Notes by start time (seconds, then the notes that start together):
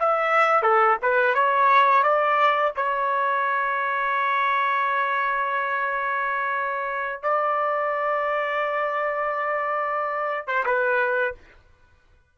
0.00 E5
0.63 A4
1.02 B4
1.35 C#5
2.04 D5
2.76 C#5
7.23 D5
10.48 C5
10.66 B4